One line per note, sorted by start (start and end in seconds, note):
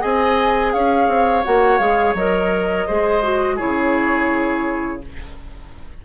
0.00 0.74 C4
0.00 1.43 G#4
0.00 0.72 D#5
0.00 0.72 G#5
0.72 1.07 C#4
0.72 2.86 C#5
0.72 1.44 F5
1.07 1.43 C4
1.44 1.79 A#3
1.44 1.79 F#4
1.44 1.78 F#5
1.78 2.14 G#3
1.78 2.15 G#4
1.78 2.14 F5
2.14 2.85 F#3
2.14 2.88 A#4
2.14 3.58 D#5
2.86 3.61 G#3
2.86 3.23 G#4
2.86 3.55 C5
3.23 3.58 F#4
3.55 5.01 E4
3.55 4.98 G#4
3.55 5.01 C#5
3.62 5.05 C#3